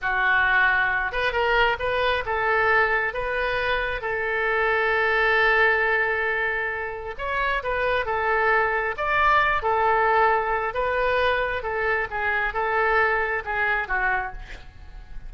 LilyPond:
\new Staff \with { instrumentName = "oboe" } { \time 4/4 \tempo 4 = 134 fis'2~ fis'8 b'8 ais'4 | b'4 a'2 b'4~ | b'4 a'2.~ | a'1 |
cis''4 b'4 a'2 | d''4. a'2~ a'8 | b'2 a'4 gis'4 | a'2 gis'4 fis'4 | }